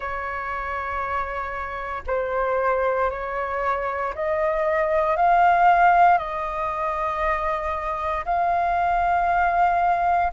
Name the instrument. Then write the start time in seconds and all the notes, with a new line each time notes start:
flute
0.00 C#5
2.06 C5
3.10 C#5
4.14 D#5
5.16 F5
6.18 D#5
8.25 F5